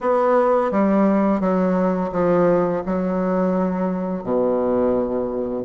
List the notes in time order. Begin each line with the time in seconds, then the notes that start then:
0.00 B3
0.71 G3
1.40 F#3
2.12 F3
2.86 F#3
4.23 B2